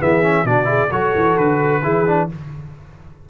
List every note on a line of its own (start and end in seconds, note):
0.00 0.45 E3
0.00 0.23 B3
0.00 0.46 G#4
0.00 0.46 E5
0.23 0.46 C#4
0.45 0.90 B2
0.45 0.65 D4
0.45 0.68 F#4
0.45 0.92 D5
0.65 0.88 E4
0.65 0.91 G#4
0.91 1.14 F#3
0.91 1.83 F#4
0.91 1.83 A4
0.91 1.38 C#5
1.15 1.38 E3
1.38 1.84 D3
1.38 2.29 B4
1.83 2.30 E3
1.83 2.06 E4
1.83 2.29 G#4
2.06 2.29 D4